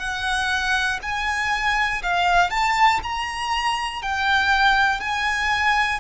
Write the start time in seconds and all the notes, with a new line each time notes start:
0.00 F#5
1.02 G#5
2.03 F5
2.51 A5
3.04 A#5
4.03 G5
5.00 G#5